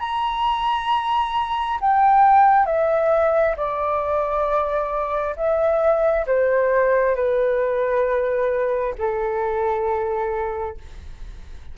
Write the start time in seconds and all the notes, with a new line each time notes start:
0.00 A#5
1.81 G5
2.66 E5
3.56 D5
5.36 E5
6.27 C5
7.16 B4
8.98 A4